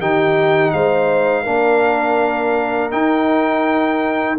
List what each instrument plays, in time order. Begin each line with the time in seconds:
0.00 tuba D#3, trombone D#4, horn G4, trumpet G5
0.71 tuba G#3, horn C5, trumpet F5
1.43 tuba A#3, trombone D4, horn A#4
2.91 trombone D#4, tuba D#4, trumpet G5